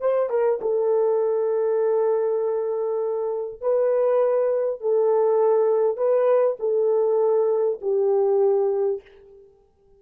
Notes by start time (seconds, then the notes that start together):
0.00 C5
0.30 A#4
0.61 A4
3.61 B4
4.81 A4
5.97 B4
6.59 A4
7.81 G4